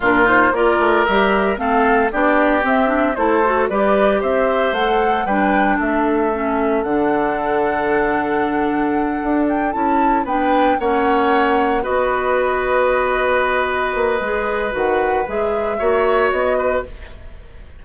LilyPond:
<<
  \new Staff \with { instrumentName = "flute" } { \time 4/4 \tempo 4 = 114 ais'8 c''8 d''4 e''4 f''4 | d''4 e''4 c''4 d''4 | e''4 fis''4 g''4 e''4~ | e''4 fis''2.~ |
fis''2 g''8 a''4 g''8~ | g''8 fis''2 dis''4.~ | dis''1 | fis''4 e''2 dis''4 | }
  \new Staff \with { instrumentName = "oboe" } { \time 4/4 f'4 ais'2 a'4 | g'2 a'4 b'4 | c''2 b'4 a'4~ | a'1~ |
a'2.~ a'8 b'8~ | b'8 cis''2 b'4.~ | b'1~ | b'2 cis''4. b'8 | }
  \new Staff \with { instrumentName = "clarinet" } { \time 4/4 d'8 dis'8 f'4 g'4 c'4 | d'4 c'8 d'8 e'8 fis'8 g'4~ | g'4 a'4 d'2 | cis'4 d'2.~ |
d'2~ d'8 e'4 d'8~ | d'8 cis'2 fis'4.~ | fis'2. gis'4 | fis'4 gis'4 fis'2 | }
  \new Staff \with { instrumentName = "bassoon" } { \time 4/4 ais,4 ais8 a8 g4 a4 | b4 c'4 a4 g4 | c'4 a4 g4 a4~ | a4 d2.~ |
d4. d'4 cis'4 b8~ | b8 ais2 b4.~ | b2~ b8 ais8 gis4 | dis4 gis4 ais4 b4 | }
>>